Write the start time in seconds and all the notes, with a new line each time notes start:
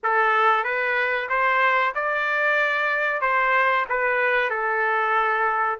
0.03 A4
0.64 B4
1.29 C5
1.94 D5
3.21 C5
3.89 B4
4.50 A4